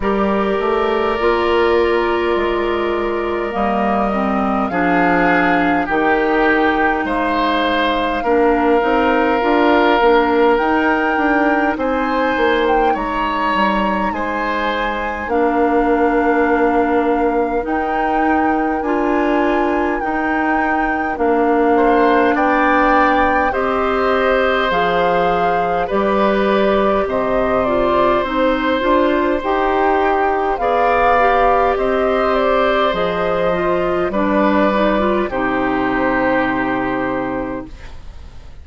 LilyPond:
<<
  \new Staff \with { instrumentName = "flute" } { \time 4/4 \tempo 4 = 51 d''2. dis''4 | f''4 g''4 f''2~ | f''4 g''4 gis''8. g''16 ais''4 | gis''4 f''2 g''4 |
gis''4 g''4 f''4 g''4 | dis''4 f''4 d''4 dis''8 d''8 | c''4 g''4 f''4 dis''8 d''8 | dis''4 d''4 c''2 | }
  \new Staff \with { instrumentName = "oboe" } { \time 4/4 ais'1 | gis'4 g'4 c''4 ais'4~ | ais'2 c''4 cis''4 | c''4 ais'2.~ |
ais'2~ ais'8 c''8 d''4 | c''2 b'4 c''4~ | c''2 d''4 c''4~ | c''4 b'4 g'2 | }
  \new Staff \with { instrumentName = "clarinet" } { \time 4/4 g'4 f'2 ais8 c'8 | d'4 dis'2 d'8 dis'8 | f'8 d'8 dis'2.~ | dis'4 d'2 dis'4 |
f'4 dis'4 d'2 | g'4 gis'4 g'4. f'8 | dis'8 f'8 g'4 gis'8 g'4. | gis'8 f'8 d'8 dis'16 f'16 dis'2 | }
  \new Staff \with { instrumentName = "bassoon" } { \time 4/4 g8 a8 ais4 gis4 g4 | f4 dis4 gis4 ais8 c'8 | d'8 ais8 dis'8 d'8 c'8 ais8 gis8 g8 | gis4 ais2 dis'4 |
d'4 dis'4 ais4 b4 | c'4 f4 g4 c4 | c'8 d'8 dis'4 b4 c'4 | f4 g4 c2 | }
>>